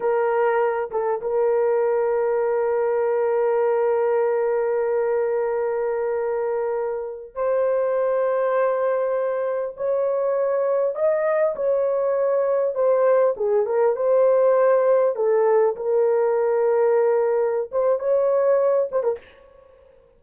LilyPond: \new Staff \with { instrumentName = "horn" } { \time 4/4 \tempo 4 = 100 ais'4. a'8 ais'2~ | ais'1~ | ais'1~ | ais'16 c''2.~ c''8.~ |
c''16 cis''2 dis''4 cis''8.~ | cis''4~ cis''16 c''4 gis'8 ais'8 c''8.~ | c''4~ c''16 a'4 ais'4.~ ais'16~ | ais'4. c''8 cis''4. c''16 ais'16 | }